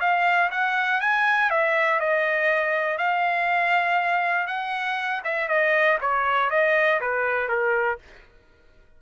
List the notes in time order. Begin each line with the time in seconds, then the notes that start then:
0.00 F5
0.51 F#5
1.00 G#5
1.50 E5
1.99 D#5
2.97 F5
4.47 F#5
5.24 E5
5.48 D#5
6.00 C#5
6.50 D#5
7.00 B4
7.48 A#4